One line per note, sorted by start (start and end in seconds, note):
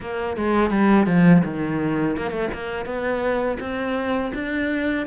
0.00 0.36 A#3
0.36 0.70 G#3
0.70 1.06 G3
1.06 1.42 F3
1.44 2.16 D#3
2.17 2.30 A#3
2.30 2.48 A3
2.53 2.85 A#3
2.85 3.58 B3
3.59 4.32 C4
4.34 5.06 D4